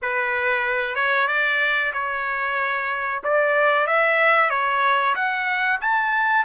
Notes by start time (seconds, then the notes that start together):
0.02 B4
0.95 C#5
1.27 D5
1.93 C#5
3.23 D5
3.86 E5
4.50 C#5
5.15 F#5
5.80 A5